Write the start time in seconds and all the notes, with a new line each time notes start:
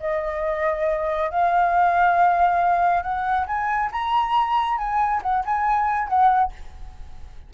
0.00 D#5
1.30 F5
3.03 F#5
3.47 G#5
3.92 A#5
4.78 G#5
5.23 F#5
5.45 G#5
6.08 F#5